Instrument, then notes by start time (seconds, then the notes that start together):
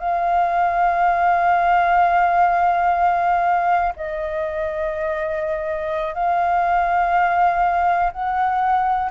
flute
0.00 F5
3.97 D#5
6.14 F5
8.12 F#5